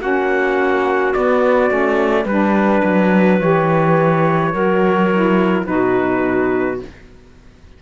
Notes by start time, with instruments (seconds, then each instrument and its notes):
0.00 cello A#3, saxophone C#4, clarinet F#4, trumpet F#5
1.13 saxophone B3, cello B3, trumpet D5
1.68 cello A3, saxophone C#4
2.23 cello G3, saxophone D4, clarinet B4, trumpet B4
2.83 cello F#3
3.39 cello E3, saxophone G4, trumpet C#5
4.51 cello F#3, saxophone F#4, clarinet A#4
5.13 saxophone E4
5.65 cello B2, saxophone D#4, clarinet F#4, trumpet B4